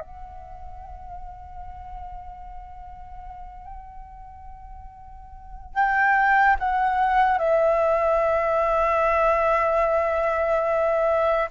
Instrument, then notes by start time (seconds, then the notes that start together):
flute
0.00 F#5
5.74 G5
6.59 F#5
7.38 E5